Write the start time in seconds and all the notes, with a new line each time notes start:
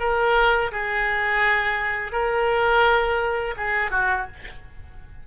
0.00 A#4
0.72 G#4
2.12 A#4
3.57 G#4
3.91 F#4